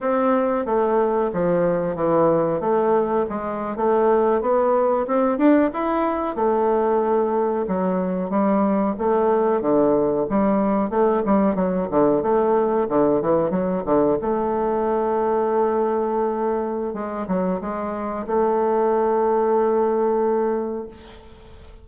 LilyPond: \new Staff \with { instrumentName = "bassoon" } { \time 4/4 \tempo 4 = 92 c'4 a4 f4 e4 | a4 gis8. a4 b4 c'16~ | c'16 d'8 e'4 a2 fis16~ | fis8. g4 a4 d4 g16~ |
g8. a8 g8 fis8 d8 a4 d16~ | d16 e8 fis8 d8 a2~ a16~ | a2 gis8 fis8 gis4 | a1 | }